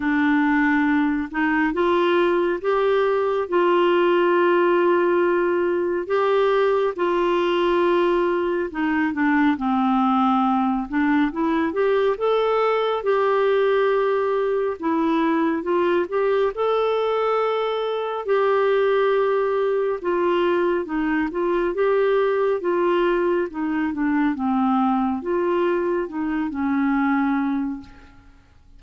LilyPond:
\new Staff \with { instrumentName = "clarinet" } { \time 4/4 \tempo 4 = 69 d'4. dis'8 f'4 g'4 | f'2. g'4 | f'2 dis'8 d'8 c'4~ | c'8 d'8 e'8 g'8 a'4 g'4~ |
g'4 e'4 f'8 g'8 a'4~ | a'4 g'2 f'4 | dis'8 f'8 g'4 f'4 dis'8 d'8 | c'4 f'4 dis'8 cis'4. | }